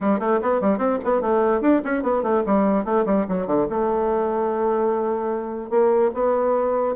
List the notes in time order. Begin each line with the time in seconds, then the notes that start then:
0.00 G3
0.19 A3
0.42 B3
0.60 G3
0.78 C4
1.04 B3
1.21 A3
1.61 D4
1.84 C#4
2.02 B3
2.22 A3
2.46 G3
2.85 A3
3.05 G3
3.28 F#3
3.46 D3
3.69 A3
5.69 A#3
6.14 B3